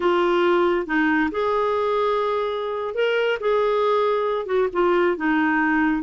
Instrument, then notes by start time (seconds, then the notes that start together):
clarinet
0.00 F4
0.86 D#4
1.31 G#4
2.94 A#4
3.39 G#4
4.46 F#4
4.73 F4
5.16 D#4